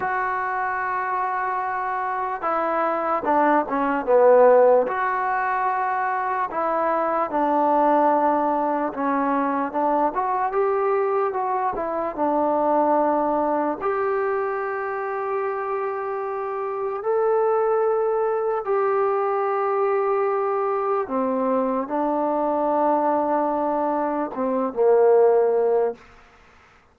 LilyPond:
\new Staff \with { instrumentName = "trombone" } { \time 4/4 \tempo 4 = 74 fis'2. e'4 | d'8 cis'8 b4 fis'2 | e'4 d'2 cis'4 | d'8 fis'8 g'4 fis'8 e'8 d'4~ |
d'4 g'2.~ | g'4 a'2 g'4~ | g'2 c'4 d'4~ | d'2 c'8 ais4. | }